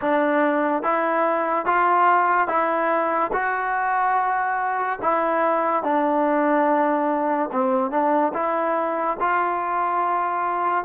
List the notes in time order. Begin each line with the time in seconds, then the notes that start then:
0.01 D4
0.82 E4
1.65 F4
2.48 E4
3.32 F#4
5.02 E4
5.83 D4
7.52 C4
7.91 D4
8.33 E4
9.20 F4